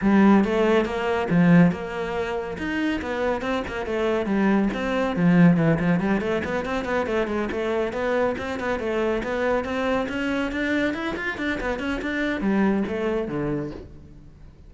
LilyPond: \new Staff \with { instrumentName = "cello" } { \time 4/4 \tempo 4 = 140 g4 a4 ais4 f4 | ais2 dis'4 b4 | c'8 ais8 a4 g4 c'4 | f4 e8 f8 g8 a8 b8 c'8 |
b8 a8 gis8 a4 b4 c'8 | b8 a4 b4 c'4 cis'8~ | cis'8 d'4 e'8 f'8 d'8 b8 cis'8 | d'4 g4 a4 d4 | }